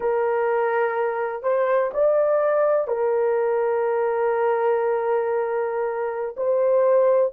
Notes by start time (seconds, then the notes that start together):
0.00 A#4
1.43 C5
1.93 D5
2.87 A#4
6.36 C5